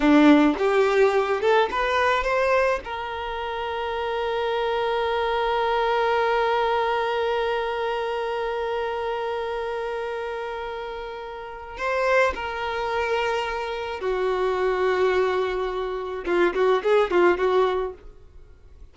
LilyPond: \new Staff \with { instrumentName = "violin" } { \time 4/4 \tempo 4 = 107 d'4 g'4. a'8 b'4 | c''4 ais'2.~ | ais'1~ | ais'1~ |
ais'1~ | ais'4 c''4 ais'2~ | ais'4 fis'2.~ | fis'4 f'8 fis'8 gis'8 f'8 fis'4 | }